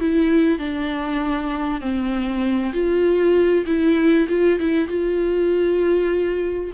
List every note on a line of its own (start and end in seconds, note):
0.00 0.59 E4
0.59 1.81 D4
1.81 2.73 C4
2.73 3.65 F4
3.66 4.27 E4
4.29 4.59 F4
4.60 4.88 E4
4.88 6.72 F4